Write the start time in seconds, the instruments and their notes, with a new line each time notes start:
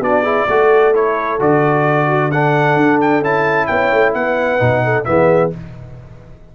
0.00 tuba B3, trombone D4, horn F#4, trumpet D5
0.23 trombone E4, horn G#4
0.48 tuba A3, trombone F#4, horn A4
0.94 trombone E4, trumpet C#5
1.40 tuba D3, trombone F#4, trumpet D5
2.08 horn F#4
2.30 trombone D4, horn A4, trumpet F#5
2.76 tuba D4
3.01 trumpet G5
3.22 tuba C#4, trombone E4, trumpet A5
3.67 tuba B3, horn C#5, trumpet G5
3.92 tuba A3
4.14 tuba B3, horn B4, trumpet F#5
4.59 tuba B2, trombone D#4
4.85 horn A4
5.05 tuba E3, trombone B3, horn G#4, trumpet E5